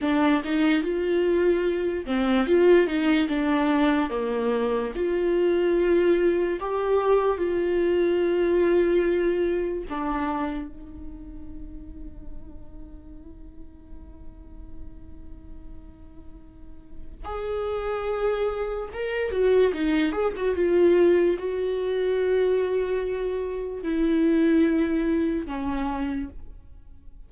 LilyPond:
\new Staff \with { instrumentName = "viola" } { \time 4/4 \tempo 4 = 73 d'8 dis'8 f'4. c'8 f'8 dis'8 | d'4 ais4 f'2 | g'4 f'2. | d'4 dis'2.~ |
dis'1~ | dis'4 gis'2 ais'8 fis'8 | dis'8 gis'16 fis'16 f'4 fis'2~ | fis'4 e'2 cis'4 | }